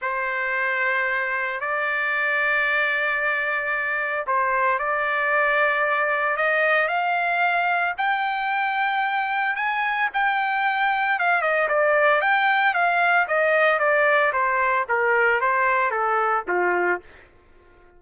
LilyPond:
\new Staff \with { instrumentName = "trumpet" } { \time 4/4 \tempo 4 = 113 c''2. d''4~ | d''1 | c''4 d''2. | dis''4 f''2 g''4~ |
g''2 gis''4 g''4~ | g''4 f''8 dis''8 d''4 g''4 | f''4 dis''4 d''4 c''4 | ais'4 c''4 a'4 f'4 | }